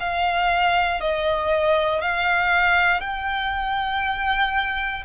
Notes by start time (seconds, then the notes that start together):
0.00 F5
1.01 D#5
2.02 F5
3.01 G5